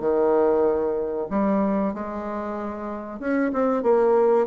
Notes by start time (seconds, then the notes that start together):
0.00 D#3
1.30 G3
1.94 G#3
3.20 C#4
3.53 C4
3.83 A#3